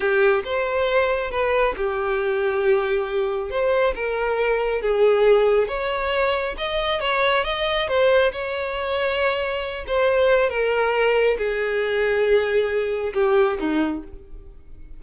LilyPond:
\new Staff \with { instrumentName = "violin" } { \time 4/4 \tempo 4 = 137 g'4 c''2 b'4 | g'1 | c''4 ais'2 gis'4~ | gis'4 cis''2 dis''4 |
cis''4 dis''4 c''4 cis''4~ | cis''2~ cis''8 c''4. | ais'2 gis'2~ | gis'2 g'4 dis'4 | }